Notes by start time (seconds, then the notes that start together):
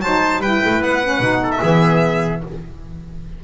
0.00 F#3 D#4 C5 A5
0.38 G3 B4 G5
0.45 E4
0.65 A3
0.81 B3 F#5
1.03 C#4
1.20 B2 D#4
1.43 A4
1.51 E5
1.62 E3 B3 G#4